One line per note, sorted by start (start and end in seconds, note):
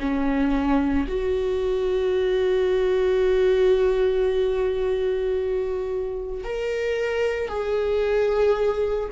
0.00 1.07 C#4
1.09 6.44 F#4
6.44 7.49 A#4
7.49 9.10 G#4